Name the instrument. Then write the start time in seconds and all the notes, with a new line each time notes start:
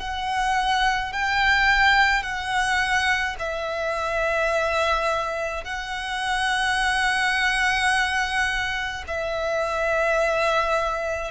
violin
0.00 F#5
1.13 G5
2.23 F#5
3.40 E5
5.64 F#5
9.08 E5